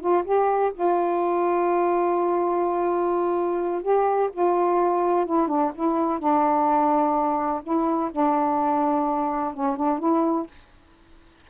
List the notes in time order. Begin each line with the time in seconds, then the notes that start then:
0.00 F4
0.24 G4
0.74 F4
3.82 G4
4.32 F4
5.26 E4
5.48 D4
5.74 E4
6.19 D4
7.63 E4
8.11 D4
9.54 C#4
9.76 D4
9.99 E4